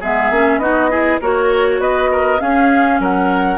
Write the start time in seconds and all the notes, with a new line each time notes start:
0.00 G#3 B3 G#4 E5
0.30 A#3 C#4
0.58 B3 D#4 F#4 D#5
0.90 E4 G#4
1.21 A#3 F#4 A#4 C#5
1.79 B3 B4 D#5
2.11 A#4
2.38 C#4 G#4 F5
3.00 F#3 A#4 F#5